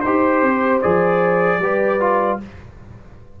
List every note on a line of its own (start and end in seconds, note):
0.00 0.42 D#4
0.00 0.82 G4
0.00 0.79 C5
0.00 1.61 C5
0.42 0.81 C4
0.81 1.58 F3
0.81 1.61 G#4
0.81 2.39 D5
1.58 2.37 G3
1.58 2.00 G4
1.58 2.40 B4
2.00 2.39 F4